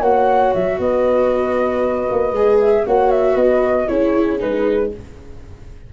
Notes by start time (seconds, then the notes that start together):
0.00 A#3 F#4 C#5 F#5
0.54 F#3 E5
0.79 B3 B4 D#5
2.11 A#3
2.32 G#3 G#4
2.60 E5
2.85 A#3 F#4 C#5 F#5
3.11 E5
3.33 B3 B4 D#5
3.88 C#4 E4 G#4 C#5
4.39 G#3 D#4 B4